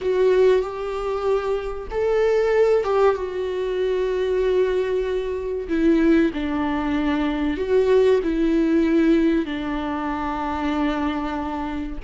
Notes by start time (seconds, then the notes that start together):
0.01 F#4
0.61 G4
1.90 A4
2.83 G4
3.15 F#4
5.68 E4
6.33 D4
7.57 F#4
8.23 E4
9.45 D4